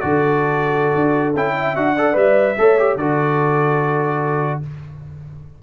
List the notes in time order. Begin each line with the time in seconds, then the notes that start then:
0.00 D3 F#4 A4 D5
0.95 D4
1.35 C#4 E4 G5
1.54 E5
1.75 D4 F#4 F#5
1.95 A4 D5
2.13 G3 B4 E5
2.58 A3 A4 C#5
2.78 G4
2.96 D3 F#4 A4 D5